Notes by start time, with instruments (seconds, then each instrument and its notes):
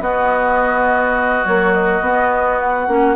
0.00 clarinet B3, bassoon B3, oboe F#4, flute D#5
1.43 clarinet F#3, bassoon A#3, flute C#5
1.73 flute D#5
2.01 bassoon B3, clarinet B3
2.60 flute F#5
2.88 bassoon A#3, clarinet C#4